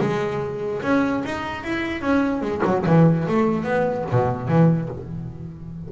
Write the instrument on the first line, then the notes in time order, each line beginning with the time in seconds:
double bass
0.00 G#3
0.82 C#4
1.25 D#4
1.64 E4
2.01 C#4
2.42 G#3
2.65 F#3
2.86 E3
3.28 A3
3.64 B3
4.11 B2
4.48 E3